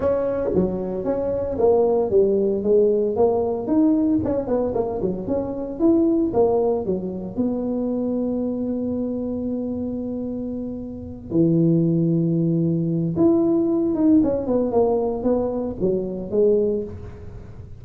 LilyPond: \new Staff \with { instrumentName = "tuba" } { \time 4/4 \tempo 4 = 114 cis'4 fis4 cis'4 ais4 | g4 gis4 ais4 dis'4 | cis'8 b8 ais8 fis8 cis'4 e'4 | ais4 fis4 b2~ |
b1~ | b4. e2~ e8~ | e4 e'4. dis'8 cis'8 b8 | ais4 b4 fis4 gis4 | }